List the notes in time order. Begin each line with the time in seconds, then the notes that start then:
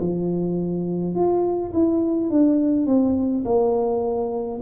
0.00 F3
1.15 F4
1.73 E4
2.30 D4
2.86 C4
3.45 A#3